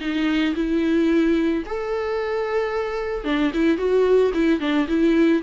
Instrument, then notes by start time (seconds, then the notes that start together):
viola
0.00 D#4
0.55 E4
1.66 A4
3.24 D4
3.53 E4
3.77 F#4
4.34 E4
4.60 D4
4.87 E4